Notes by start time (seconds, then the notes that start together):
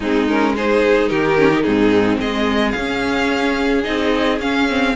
0.00 G#3 C4 D#4 G#4
0.28 C#4 A#4
0.55 D#4 G#4 C5
1.08 D#3 G4 A#4
1.39 C#4
1.50 D#4
1.63 G#2 C4 D#4 G#4
2.19 G#3 G#4 D#5
2.71 C#4 F5
2.78 C#4
3.83 C4 D#4 D#5
4.39 C#4 F5
4.69 C4